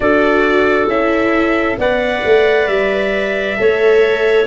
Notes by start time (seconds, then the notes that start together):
0.00 D4 F#4 A4 D5
0.87 C#4 E4 E5
1.77 B3 B4 D5 F#5
2.24 A3
2.67 G3 E5
3.56 A3 A4 C#5